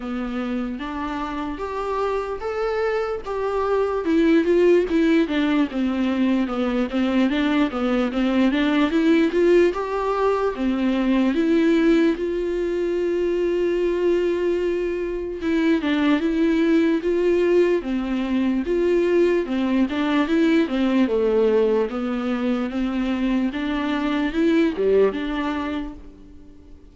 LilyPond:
\new Staff \with { instrumentName = "viola" } { \time 4/4 \tempo 4 = 74 b4 d'4 g'4 a'4 | g'4 e'8 f'8 e'8 d'8 c'4 | b8 c'8 d'8 b8 c'8 d'8 e'8 f'8 | g'4 c'4 e'4 f'4~ |
f'2. e'8 d'8 | e'4 f'4 c'4 f'4 | c'8 d'8 e'8 c'8 a4 b4 | c'4 d'4 e'8 g8 d'4 | }